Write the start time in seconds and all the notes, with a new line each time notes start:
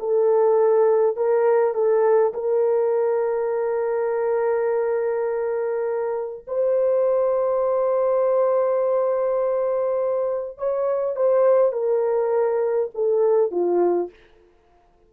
0.00 A4
1.17 A#4
1.75 A4
2.34 A#4
6.48 C5
10.59 C#5
11.17 C5
11.73 A#4
12.95 A4
13.52 F4